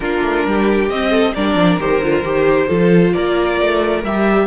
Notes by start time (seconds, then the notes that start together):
0.00 A#3 D4 F4 A#4
0.22 A3
0.46 G3 G4
0.89 C4 D#5
1.10 A4
1.34 G3 D4 A#4 D5
1.55 F3
1.79 D#3 G4 C5
2.01 D3 F4
2.23 D#3 G4
2.67 F3 F4 A4
3.13 A#3 A#4 D5
3.60 A3
4.03 G3 G4 E5